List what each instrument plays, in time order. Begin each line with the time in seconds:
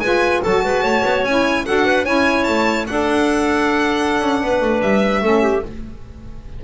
0.00 double bass G#3, saxophone F4, clarinet B4, violin G#5
0.42 double bass F#3, saxophone F#4, clarinet A4, violin A5
0.65 double bass G#3, clarinet B4
0.83 double bass A3, clarinet C#5
1.05 double bass B3
1.23 double bass C#4, saxophone E4, violin G#5
1.66 double bass D4, saxophone F#4, clarinet A4, violin F#5
1.86 clarinet B4
2.04 double bass C#4, saxophone E4, clarinet C#5, violin G#5
2.44 double bass A3, violin A5
2.87 saxophone D4, double bass D4, clarinet A4, violin F#5
4.22 double bass C#4
4.42 double bass B3, clarinet B4
4.61 double bass A3
4.82 double bass G3, violin E5
5.22 double bass A3, saxophone C#4, clarinet A4
5.42 clarinet G4